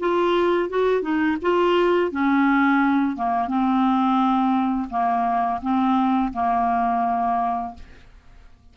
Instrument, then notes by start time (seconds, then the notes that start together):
clarinet
0.00 F4
0.70 F#4
1.02 D#4
1.42 F4
2.12 C#4
3.16 A#3
3.48 C4
4.90 A#3
5.62 C4
6.33 A#3